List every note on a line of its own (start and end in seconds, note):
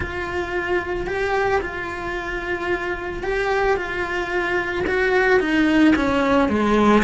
0.00 1.06 F4
1.06 1.60 G4
1.61 3.23 F4
3.23 3.76 G4
3.76 4.85 F4
4.86 5.40 F#4
5.40 5.94 D#4
5.95 6.48 C#4
6.48 7.02 G#3